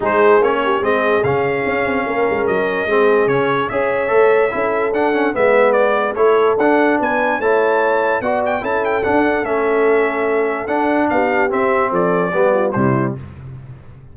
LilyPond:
<<
  \new Staff \with { instrumentName = "trumpet" } { \time 4/4 \tempo 4 = 146 c''4 cis''4 dis''4 f''4~ | f''2 dis''2 | cis''4 e''2. | fis''4 e''4 d''4 cis''4 |
fis''4 gis''4 a''2 | fis''8 g''8 a''8 g''8 fis''4 e''4~ | e''2 fis''4 f''4 | e''4 d''2 c''4 | }
  \new Staff \with { instrumentName = "horn" } { \time 4/4 gis'4. g'8 gis'2~ | gis'4 ais'2 gis'4~ | gis'4 cis''2 a'4~ | a'4 b'2 a'4~ |
a'4 b'4 cis''2 | d''4 a'2.~ | a'2. g'4~ | g'4 a'4 g'8 f'8 e'4 | }
  \new Staff \with { instrumentName = "trombone" } { \time 4/4 dis'4 cis'4 c'4 cis'4~ | cis'2. c'4 | cis'4 gis'4 a'4 e'4 | d'8 cis'8 b2 e'4 |
d'2 e'2 | fis'4 e'4 d'4 cis'4~ | cis'2 d'2 | c'2 b4 g4 | }
  \new Staff \with { instrumentName = "tuba" } { \time 4/4 gis4 ais4 gis4 cis4 | cis'8 c'8 ais8 gis8 fis4 gis4 | cis4 cis'4 a4 cis'4 | d'4 gis2 a4 |
d'4 b4 a2 | b4 cis'4 d'4 a4~ | a2 d'4 b4 | c'4 f4 g4 c4 | }
>>